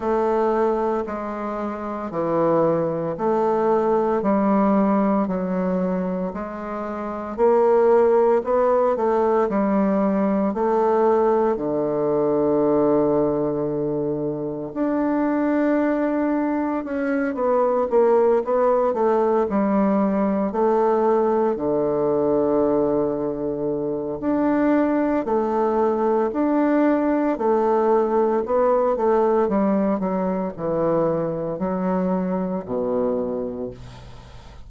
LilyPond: \new Staff \with { instrumentName = "bassoon" } { \time 4/4 \tempo 4 = 57 a4 gis4 e4 a4 | g4 fis4 gis4 ais4 | b8 a8 g4 a4 d4~ | d2 d'2 |
cis'8 b8 ais8 b8 a8 g4 a8~ | a8 d2~ d8 d'4 | a4 d'4 a4 b8 a8 | g8 fis8 e4 fis4 b,4 | }